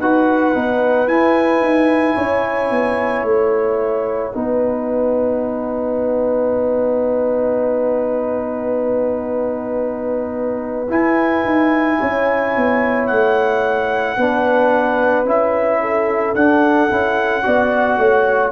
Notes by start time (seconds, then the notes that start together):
0.00 D#4 F#4 B4 F#5
0.54 B3 D#4
1.07 E4 G#5
1.61 D#4
2.16 C#4 C#5
2.71 B3
3.23 A3 F#5
4.33 B3 D#4 B4
10.90 E4 G#5
11.45 D#4
12.00 C#4 C#5
12.57 B3
13.07 A3 F#5
14.17 B3 D4 B4
15.25 C#4 E4 E5
15.82 A4
16.35 D4 F#5
16.90 C#4 E4
17.43 B3 F#4 D5
17.98 A3 C#5